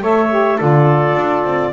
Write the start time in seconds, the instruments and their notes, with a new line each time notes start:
0.00 double bass A3, saxophone A4, trumpet C#5, clarinet E5
0.30 saxophone G4
0.57 double bass D3, saxophone F4, trumpet A4, clarinet D5
1.15 double bass D4
1.44 double bass C4